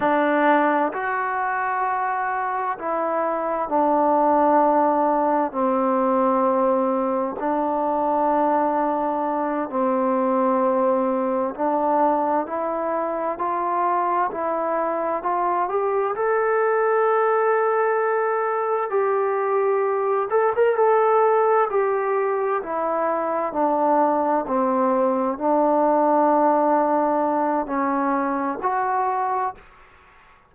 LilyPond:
\new Staff \with { instrumentName = "trombone" } { \time 4/4 \tempo 4 = 65 d'4 fis'2 e'4 | d'2 c'2 | d'2~ d'8 c'4.~ | c'8 d'4 e'4 f'4 e'8~ |
e'8 f'8 g'8 a'2~ a'8~ | a'8 g'4. a'16 ais'16 a'4 g'8~ | g'8 e'4 d'4 c'4 d'8~ | d'2 cis'4 fis'4 | }